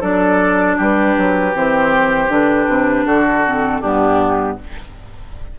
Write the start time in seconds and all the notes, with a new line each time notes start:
0.00 F#3 D4 A4 D5
0.77 G3 G4 B4
1.17 F#3
1.53 E3 C4 C5
2.28 D3 D4 B4
2.67 C3
3.05 D3 F#4 A4
3.45 C4
3.81 G2 B3 D4 G4